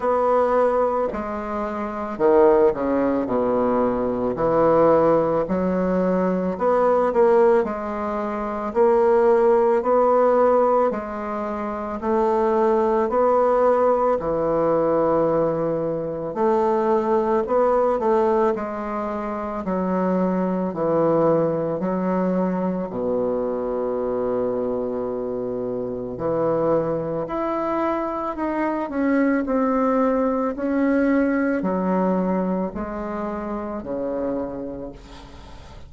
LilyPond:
\new Staff \with { instrumentName = "bassoon" } { \time 4/4 \tempo 4 = 55 b4 gis4 dis8 cis8 b,4 | e4 fis4 b8 ais8 gis4 | ais4 b4 gis4 a4 | b4 e2 a4 |
b8 a8 gis4 fis4 e4 | fis4 b,2. | e4 e'4 dis'8 cis'8 c'4 | cis'4 fis4 gis4 cis4 | }